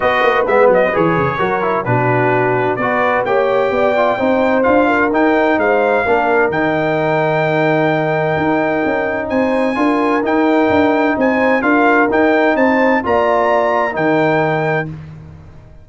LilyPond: <<
  \new Staff \with { instrumentName = "trumpet" } { \time 4/4 \tempo 4 = 129 dis''4 e''8 dis''8 cis''2 | b'2 d''4 g''4~ | g''2 f''4 g''4 | f''2 g''2~ |
g''1 | gis''2 g''2 | gis''4 f''4 g''4 a''4 | ais''2 g''2 | }
  \new Staff \with { instrumentName = "horn" } { \time 4/4 b'2. ais'4 | fis'2 b'4 cis''4 | d''4 c''4. ais'4. | c''4 ais'2.~ |
ais'1 | c''4 ais'2. | c''4 ais'2 c''4 | d''2 ais'2 | }
  \new Staff \with { instrumentName = "trombone" } { \time 4/4 fis'4 b4 gis'4 fis'8 e'8 | d'2 fis'4 g'4~ | g'8 f'8 dis'4 f'4 dis'4~ | dis'4 d'4 dis'2~ |
dis'1~ | dis'4 f'4 dis'2~ | dis'4 f'4 dis'2 | f'2 dis'2 | }
  \new Staff \with { instrumentName = "tuba" } { \time 4/4 b8 ais8 gis8 fis8 e8 cis8 fis4 | b,2 b4 ais4 | b4 c'4 d'4 dis'4 | gis4 ais4 dis2~ |
dis2 dis'4 cis'4 | c'4 d'4 dis'4 d'4 | c'4 d'4 dis'4 c'4 | ais2 dis2 | }
>>